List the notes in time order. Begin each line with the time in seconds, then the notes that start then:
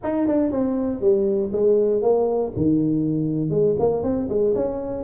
0.03 D#4
0.27 D4
0.51 C4
1.00 G3
1.52 G#3
2.02 A#3
2.56 D#3
3.50 G#3
3.79 A#3
4.03 C4
4.29 G#3
4.55 C#4